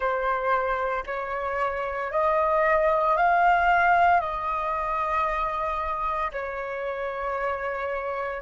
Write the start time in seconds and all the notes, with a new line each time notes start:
0.00 C5
1.06 C#5
2.11 D#5
3.16 F5
4.20 D#5
6.32 C#5